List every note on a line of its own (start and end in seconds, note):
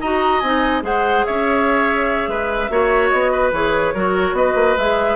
0.00 0.42 D#4
0.00 0.43 F#4
0.00 0.83 D#5
0.00 0.39 A#5
0.39 0.82 C4
0.39 0.82 D#4
0.39 0.81 G#5
0.82 1.23 G#3
0.82 2.68 G#4
0.82 1.26 C5
0.82 1.25 F#5
1.25 2.27 C#4
1.25 2.29 C#5
1.25 3.09 E5
2.27 2.69 G#3
2.27 2.70 B4
2.69 3.11 A#3
2.69 3.52 F#4
2.69 3.31 C#5
3.09 3.51 B3
3.09 3.50 D#5
3.31 3.93 B4
3.51 3.93 E3
3.51 3.94 G#4
3.51 4.35 C#5
3.94 4.32 F#3
3.94 4.77 F#4
3.94 4.35 A#4
4.32 4.53 B3
4.32 5.15 B4
4.32 4.77 D#5
4.55 4.75 A#3
4.76 5.15 G#3
4.76 5.15 G#4
4.76 5.15 E5